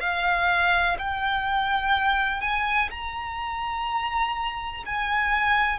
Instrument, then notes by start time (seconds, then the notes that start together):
violin
0.00 F5
0.98 G5
2.41 G#5
2.90 A#5
4.86 G#5